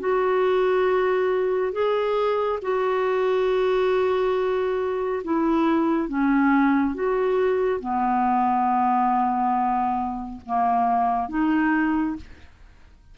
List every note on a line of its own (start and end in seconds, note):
0.00 1.73 F#4
1.73 2.60 G#4
2.62 5.23 F#4
5.24 6.09 E4
6.09 6.95 C#4
6.95 7.81 F#4
7.81 10.42 B3
10.46 11.29 A#3
11.29 12.16 D#4